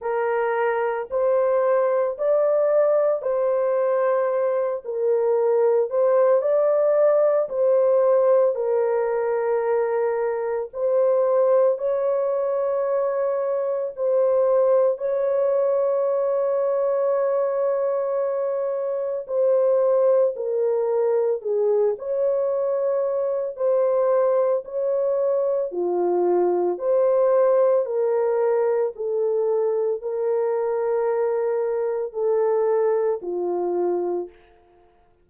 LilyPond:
\new Staff \with { instrumentName = "horn" } { \time 4/4 \tempo 4 = 56 ais'4 c''4 d''4 c''4~ | c''8 ais'4 c''8 d''4 c''4 | ais'2 c''4 cis''4~ | cis''4 c''4 cis''2~ |
cis''2 c''4 ais'4 | gis'8 cis''4. c''4 cis''4 | f'4 c''4 ais'4 a'4 | ais'2 a'4 f'4 | }